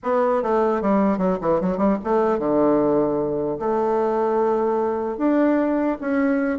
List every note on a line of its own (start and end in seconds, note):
0.03 0.42 B3
0.42 0.81 A3
0.81 1.18 G3
1.18 1.38 F#3
1.41 1.61 E3
1.61 1.77 F#3
1.77 1.97 G3
2.03 2.38 A3
2.38 3.58 D3
3.59 5.17 A3
5.17 5.97 D4
6.01 6.59 C#4